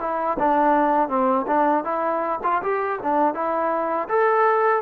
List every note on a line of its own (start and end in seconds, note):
0.00 0.37 E4
0.39 1.08 D4
1.08 1.45 C4
1.47 1.84 D4
1.84 2.39 E4
2.43 2.62 F4
2.62 2.99 G4
3.02 3.34 D4
3.34 4.08 E4
4.08 4.82 A4